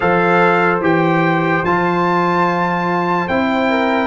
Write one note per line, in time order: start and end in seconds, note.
0.00 0.80 F3
0.00 0.81 A4
0.00 3.69 C5
0.00 0.79 F5
0.80 1.62 E3
0.80 1.63 G4
0.80 1.65 G5
1.63 3.28 F3
1.63 3.29 F4
1.63 3.28 A5
3.28 4.07 C4
3.28 4.07 E4
3.28 4.07 G5
3.69 4.07 A#4